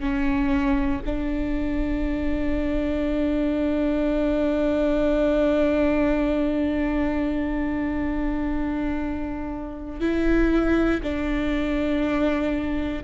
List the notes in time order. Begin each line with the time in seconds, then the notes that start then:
0.00 C#4
1.06 D4
10.01 E4
11.03 D4